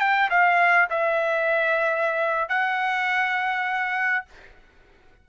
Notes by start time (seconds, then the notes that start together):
0.00 G5
0.30 F5
0.90 E5
2.49 F#5